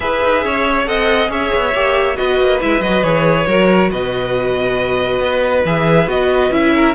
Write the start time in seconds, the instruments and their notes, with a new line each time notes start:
0.00 cello E4, viola G#4, violin B4 E5
0.22 cello D#4
0.44 cello C#4, violin C#5
0.85 cello C4, viola A4, violin D#5 F#5
1.28 cello C#4, viola G#4, violin C#5 E5
1.54 cello B3
1.74 cello A#3, viola G4
2.15 cello B3, viola F#4, violin B4 D#5
2.40 cello A#3
2.61 cello G#3, viola E4, violin E5
2.80 cello F#3, viola F#4, violin D#5
3.02 cello E3, viola G#4, violin C#5
3.46 cello F#3, viola F#4, violin A#4
3.91 cello B2, violin B4 D#5
5.20 cello B3
5.64 cello E3, viola G#4, violin E5
6.07 cello B3, viola F#4, violin D#5
6.50 cello C#4, viola E4, violin E5
6.74 violin A#4